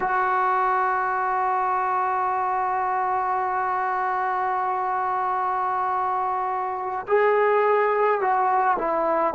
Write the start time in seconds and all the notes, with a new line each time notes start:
0.00 F#4
7.08 G#4
8.20 F#4
8.78 E4